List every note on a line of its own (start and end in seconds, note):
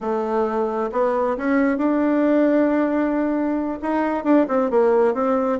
0.00 0.90 A3
0.92 1.36 B3
1.37 1.77 C#4
1.77 3.79 D4
3.82 4.24 D#4
4.24 4.46 D4
4.48 4.70 C4
4.70 5.14 A#3
5.14 5.58 C4